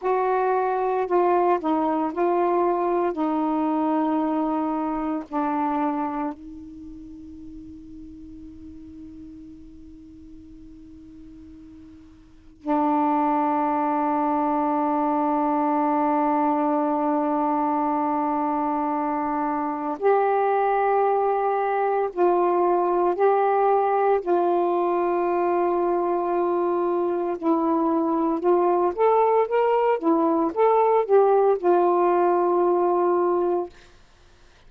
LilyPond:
\new Staff \with { instrumentName = "saxophone" } { \time 4/4 \tempo 4 = 57 fis'4 f'8 dis'8 f'4 dis'4~ | dis'4 d'4 dis'2~ | dis'1 | d'1~ |
d'2. g'4~ | g'4 f'4 g'4 f'4~ | f'2 e'4 f'8 a'8 | ais'8 e'8 a'8 g'8 f'2 | }